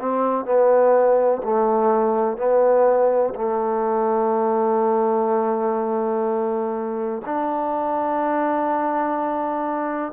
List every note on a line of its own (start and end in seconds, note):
0.00 0.46 C4
0.46 1.43 B3
1.44 2.38 A3
2.38 3.34 B3
3.35 7.22 A3
7.26 10.13 D4